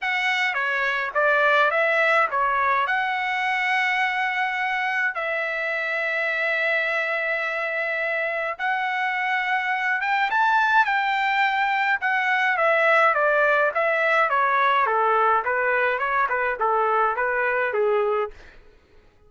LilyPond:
\new Staff \with { instrumentName = "trumpet" } { \time 4/4 \tempo 4 = 105 fis''4 cis''4 d''4 e''4 | cis''4 fis''2.~ | fis''4 e''2.~ | e''2. fis''4~ |
fis''4. g''8 a''4 g''4~ | g''4 fis''4 e''4 d''4 | e''4 cis''4 a'4 b'4 | cis''8 b'8 a'4 b'4 gis'4 | }